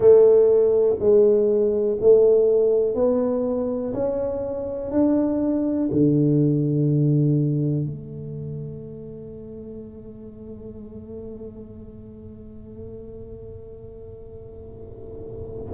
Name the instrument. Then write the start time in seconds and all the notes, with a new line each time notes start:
tuba
0.00 A3
0.99 G#3
2.00 A3
2.94 B3
3.93 C#4
4.91 D4
5.91 D3
7.85 A3